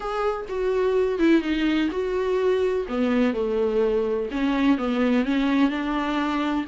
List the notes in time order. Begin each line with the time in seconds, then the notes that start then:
0.00 G#4
0.48 F#4
1.18 E4
1.41 D#4
1.91 F#4
2.88 B3
3.33 A3
4.31 C#4
4.77 B3
5.24 C#4
5.70 D4